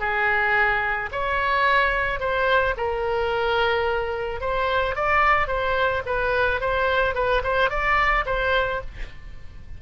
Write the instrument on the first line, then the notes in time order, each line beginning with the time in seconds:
oboe
0.00 G#4
1.12 C#5
2.20 C5
2.77 A#4
4.41 C5
4.96 D5
5.48 C5
6.06 B4
6.61 C5
7.15 B4
7.44 C5
7.70 D5
8.26 C5